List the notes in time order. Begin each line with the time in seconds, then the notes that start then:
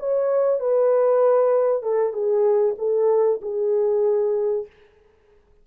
0.00 C#5
0.60 B4
1.83 A4
2.14 G#4
2.79 A4
3.42 G#4